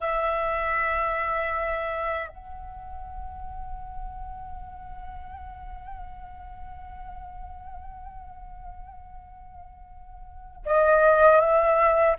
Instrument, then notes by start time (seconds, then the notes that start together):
flute
0.00 E5
2.28 F#5
10.65 D#5
11.40 E5